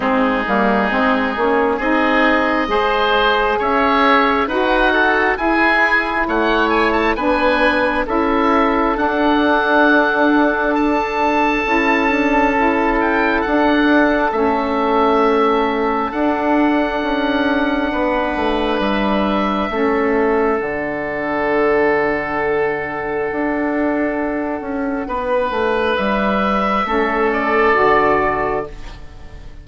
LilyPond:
<<
  \new Staff \with { instrumentName = "oboe" } { \time 4/4 \tempo 4 = 67 gis'2 dis''2 | e''4 fis''4 gis''4 fis''8 gis''16 a''16 | gis''4 e''4 fis''2 | a''2~ a''8 g''8 fis''4 |
e''2 fis''2~ | fis''4 e''2 fis''4~ | fis''1~ | fis''4 e''4. d''4. | }
  \new Staff \with { instrumentName = "oboe" } { \time 4/4 dis'2 gis'4 c''4 | cis''4 b'8 a'8 gis'4 cis''4 | b'4 a'2.~ | a'1~ |
a'1 | b'2 a'2~ | a'1 | b'2 a'2 | }
  \new Staff \with { instrumentName = "saxophone" } { \time 4/4 c'8 ais8 c'8 cis'8 dis'4 gis'4~ | gis'4 fis'4 e'2 | d'4 e'4 d'2~ | d'4 e'8 d'8 e'4 d'4 |
cis'2 d'2~ | d'2 cis'4 d'4~ | d'1~ | d'2 cis'4 fis'4 | }
  \new Staff \with { instrumentName = "bassoon" } { \time 4/4 gis8 g8 gis8 ais8 c'4 gis4 | cis'4 dis'4 e'4 a4 | b4 cis'4 d'2~ | d'4 cis'2 d'4 |
a2 d'4 cis'4 | b8 a8 g4 a4 d4~ | d2 d'4. cis'8 | b8 a8 g4 a4 d4 | }
>>